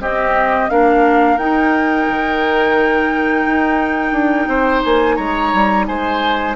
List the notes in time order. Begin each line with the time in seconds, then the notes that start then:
0.00 C4 G4 D#5
0.70 A#3 D4 A#4 F5
1.38 D#4 G5
2.09 D#3
3.46 D#4
4.13 D4
4.48 C4 C5
4.85 A#3 G#5
5.16 G#3 C#5 A#5
5.54 G3
5.87 G#3 C5 G#5